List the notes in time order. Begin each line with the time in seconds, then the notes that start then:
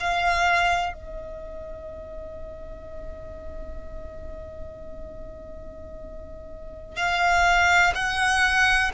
0.00 F5
0.93 D#5
6.96 F5
7.95 F#5